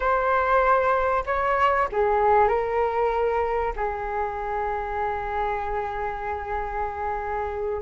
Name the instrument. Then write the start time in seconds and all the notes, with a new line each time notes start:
flute
0.00 C5
1.26 C#5
1.91 G#4
2.48 A#4
3.76 G#4